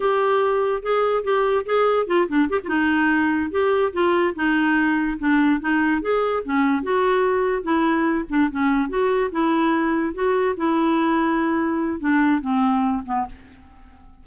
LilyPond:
\new Staff \with { instrumentName = "clarinet" } { \time 4/4 \tempo 4 = 145 g'2 gis'4 g'4 | gis'4 f'8 d'8 g'16 f'16 dis'4.~ | dis'8 g'4 f'4 dis'4.~ | dis'8 d'4 dis'4 gis'4 cis'8~ |
cis'8 fis'2 e'4. | d'8 cis'4 fis'4 e'4.~ | e'8 fis'4 e'2~ e'8~ | e'4 d'4 c'4. b8 | }